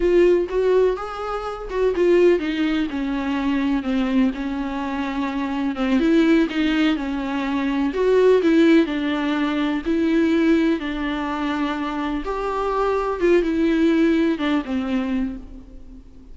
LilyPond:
\new Staff \with { instrumentName = "viola" } { \time 4/4 \tempo 4 = 125 f'4 fis'4 gis'4. fis'8 | f'4 dis'4 cis'2 | c'4 cis'2. | c'8 e'4 dis'4 cis'4.~ |
cis'8 fis'4 e'4 d'4.~ | d'8 e'2 d'4.~ | d'4. g'2 f'8 | e'2 d'8 c'4. | }